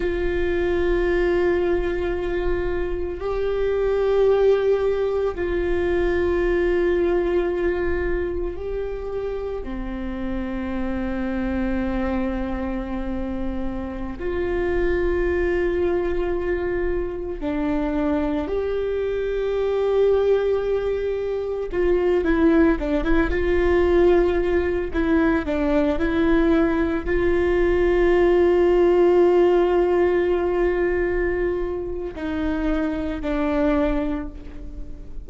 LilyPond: \new Staff \with { instrumentName = "viola" } { \time 4/4 \tempo 4 = 56 f'2. g'4~ | g'4 f'2. | g'4 c'2.~ | c'4~ c'16 f'2~ f'8.~ |
f'16 d'4 g'2~ g'8.~ | g'16 f'8 e'8 d'16 e'16 f'4. e'8 d'16~ | d'16 e'4 f'2~ f'8.~ | f'2 dis'4 d'4 | }